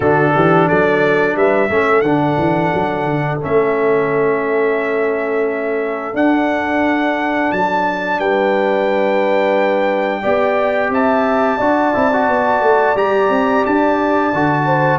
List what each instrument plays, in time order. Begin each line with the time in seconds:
0.00 tuba D3, trombone D4, horn F#4, trumpet A4
0.34 tuba E3, horn G4
0.67 tuba F#3, horn A4, trumpet D5
1.35 tuba G3, horn B4, trumpet E5
1.70 tuba A3, trombone C#4, horn A4
2.01 tuba D3, trombone D4, trumpet F#5
2.37 tuba E3
2.74 tuba F#3
3.04 tuba D3
3.40 tuba A3, trombone C#4, trumpet E5
6.13 trombone D4, tuba D4, trumpet F#5
7.51 tuba F#3, trumpet A5
8.18 tuba G3, horn B4, trumpet G5
10.22 tuba B3, trombone G4, horn D5
10.89 tuba C4, horn E5, trumpet A5
11.57 tuba D4, trombone F#4, horn D5
11.94 tuba C4, trombone E4
12.12 trombone F#4
12.28 tuba B3
12.61 tuba A3
12.95 tuba G3, trombone G4, trumpet A#5
13.29 tuba C4
13.65 tuba D4, trumpet A5
14.33 tuba D3, trombone F#4
14.65 horn C5